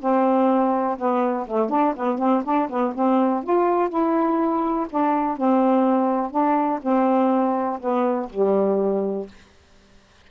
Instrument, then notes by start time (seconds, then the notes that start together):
saxophone
0.00 C4
0.98 B3
1.47 A3
1.70 D4
1.96 B3
2.19 C4
2.44 D4
2.69 B3
2.95 C4
3.44 F4
3.89 E4
4.90 D4
5.37 C4
6.31 D4
6.82 C4
7.81 B3
8.30 G3